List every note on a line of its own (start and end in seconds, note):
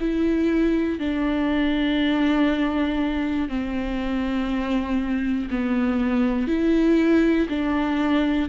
0.00 1.00 E4
1.00 3.49 D4
3.49 5.49 C4
5.50 6.48 B3
6.48 7.48 E4
7.50 8.50 D4